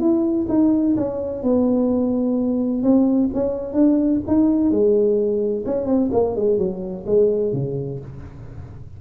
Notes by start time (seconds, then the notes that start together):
0.00 E4
0.49 D#4
0.97 C#4
1.43 B3
2.83 C4
3.34 C#4
3.73 D4
4.27 D#4
4.71 G#3
5.66 C#4
5.87 C4
6.12 A#3
6.36 G#3
6.58 F#3
7.06 G#3
7.53 C#3